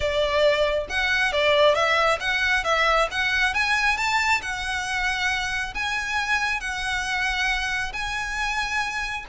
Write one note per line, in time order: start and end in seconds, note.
0.00 0.87 D5
0.89 1.32 F#5
1.32 1.74 D5
1.74 2.18 E5
2.19 2.64 F#5
2.64 3.08 E5
3.11 3.54 F#5
3.54 3.97 G#5
3.97 4.41 A5
4.41 5.74 F#5
5.74 6.60 G#5
6.60 7.92 F#5
7.93 9.25 G#5